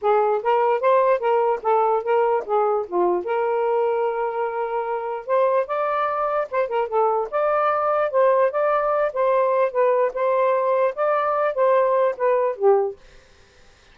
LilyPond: \new Staff \with { instrumentName = "saxophone" } { \time 4/4 \tempo 4 = 148 gis'4 ais'4 c''4 ais'4 | a'4 ais'4 gis'4 f'4 | ais'1~ | ais'4 c''4 d''2 |
c''8 ais'8 a'4 d''2 | c''4 d''4. c''4. | b'4 c''2 d''4~ | d''8 c''4. b'4 g'4 | }